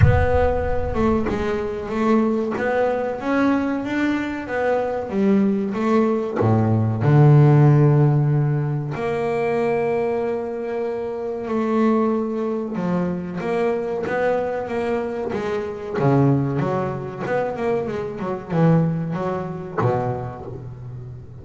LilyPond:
\new Staff \with { instrumentName = "double bass" } { \time 4/4 \tempo 4 = 94 b4. a8 gis4 a4 | b4 cis'4 d'4 b4 | g4 a4 a,4 d4~ | d2 ais2~ |
ais2 a2 | f4 ais4 b4 ais4 | gis4 cis4 fis4 b8 ais8 | gis8 fis8 e4 fis4 b,4 | }